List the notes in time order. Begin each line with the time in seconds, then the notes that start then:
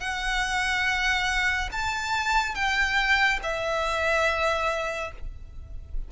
0.00 F#5
1.72 A5
2.55 G5
3.43 E5